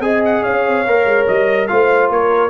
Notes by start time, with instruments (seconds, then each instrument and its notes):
0.00 tuba C4, trombone G#4, horn D#5, trumpet G#5
0.25 trumpet F#5
0.43 tuba C#4, horn C#5, trumpet F5
0.67 tuba C4
0.87 tuba A#3, trombone A#4
1.05 tuba G#3
1.28 tuba G3, trumpet D#5
1.68 tuba A3, trombone F4, horn C5, trumpet F5
2.10 tuba A#3, horn A#4, trumpet C#5